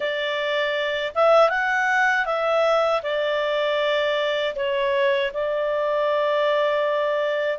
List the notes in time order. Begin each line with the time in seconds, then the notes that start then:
0.00 D5
1.15 E5
1.49 F#5
2.25 E5
3.02 D5
4.55 C#5
5.33 D5